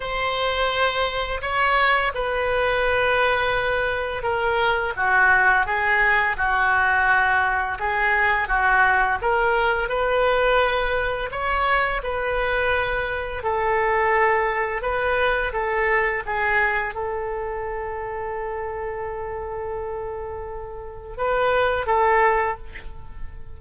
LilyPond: \new Staff \with { instrumentName = "oboe" } { \time 4/4 \tempo 4 = 85 c''2 cis''4 b'4~ | b'2 ais'4 fis'4 | gis'4 fis'2 gis'4 | fis'4 ais'4 b'2 |
cis''4 b'2 a'4~ | a'4 b'4 a'4 gis'4 | a'1~ | a'2 b'4 a'4 | }